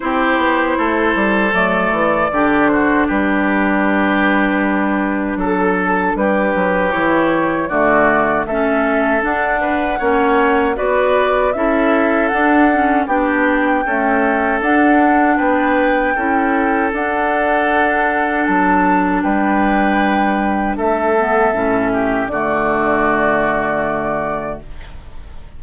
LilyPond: <<
  \new Staff \with { instrumentName = "flute" } { \time 4/4 \tempo 4 = 78 c''2 d''4. c''8 | b'2. a'4 | b'4 cis''4 d''4 e''4 | fis''2 d''4 e''4 |
fis''4 g''2 fis''4 | g''2 fis''2 | a''4 g''2 e''4~ | e''4 d''2. | }
  \new Staff \with { instrumentName = "oboe" } { \time 4/4 g'4 a'2 g'8 fis'8 | g'2. a'4 | g'2 fis'4 a'4~ | a'8 b'8 cis''4 b'4 a'4~ |
a'4 g'4 a'2 | b'4 a'2.~ | a'4 b'2 a'4~ | a'8 g'8 fis'2. | }
  \new Staff \with { instrumentName = "clarinet" } { \time 4/4 e'2 a4 d'4~ | d'1~ | d'4 e'4 a4 cis'4 | d'4 cis'4 fis'4 e'4 |
d'8 cis'8 d'4 a4 d'4~ | d'4 e'4 d'2~ | d'2.~ d'8 b8 | cis'4 a2. | }
  \new Staff \with { instrumentName = "bassoon" } { \time 4/4 c'8 b8 a8 g8 fis8 e8 d4 | g2. fis4 | g8 fis8 e4 d4 a4 | d'4 ais4 b4 cis'4 |
d'4 b4 cis'4 d'4 | b4 cis'4 d'2 | fis4 g2 a4 | a,4 d2. | }
>>